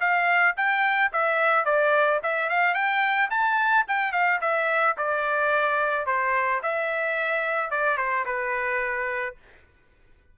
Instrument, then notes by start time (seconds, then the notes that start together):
trumpet
0.00 F5
0.56 G5
1.12 E5
1.65 D5
2.22 E5
2.49 F5
2.74 G5
3.30 A5
3.88 G5
4.12 F5
4.41 E5
4.97 D5
6.06 C5
6.63 E5
7.70 D5
7.97 C5
8.25 B4